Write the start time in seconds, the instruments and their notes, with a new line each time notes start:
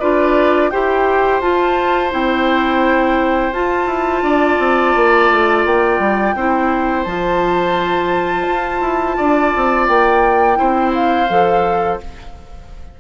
0.00 bassoon D4, clarinet F4, oboe B4, flute D5
0.70 bassoon E4, clarinet G4, oboe C5, flute G5
1.41 bassoon F4, clarinet F4, flute A5
2.11 bassoon C4, clarinet E4, flute G5
3.52 bassoon F4, clarinet F4, flute A5
3.86 bassoon E4
4.22 bassoon D4, oboe D5
4.59 bassoon C4
4.95 bassoon A#3
5.31 bassoon A3
5.65 bassoon A#3, flute G5
5.99 bassoon G3
6.35 bassoon C4, clarinet E4, oboe C5
7.04 bassoon F3, clarinet F4, flute A5
8.48 bassoon F4
8.81 bassoon E4
9.17 bassoon D4, oboe D5
9.56 bassoon C4
9.87 bassoon A#3, flute G5
10.56 bassoon C4, clarinet E4, oboe C5
10.94 flute F5
11.30 bassoon F3, clarinet A4